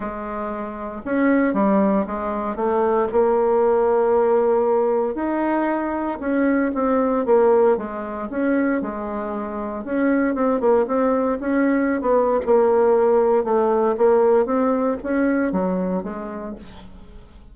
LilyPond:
\new Staff \with { instrumentName = "bassoon" } { \time 4/4 \tempo 4 = 116 gis2 cis'4 g4 | gis4 a4 ais2~ | ais2 dis'2 | cis'4 c'4 ais4 gis4 |
cis'4 gis2 cis'4 | c'8 ais8 c'4 cis'4~ cis'16 b8. | ais2 a4 ais4 | c'4 cis'4 fis4 gis4 | }